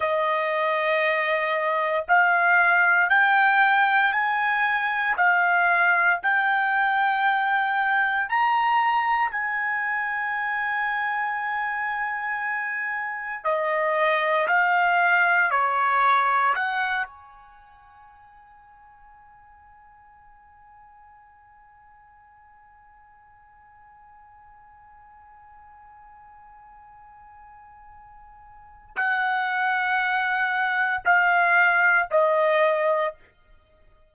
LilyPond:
\new Staff \with { instrumentName = "trumpet" } { \time 4/4 \tempo 4 = 58 dis''2 f''4 g''4 | gis''4 f''4 g''2 | ais''4 gis''2.~ | gis''4 dis''4 f''4 cis''4 |
fis''8 gis''2.~ gis''8~ | gis''1~ | gis''1 | fis''2 f''4 dis''4 | }